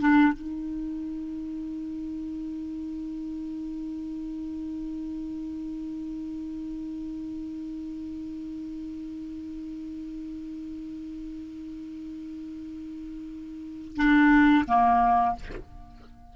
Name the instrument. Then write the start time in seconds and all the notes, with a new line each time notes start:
clarinet
0.00 D4
0.33 D#4
13.96 D4
14.67 A#3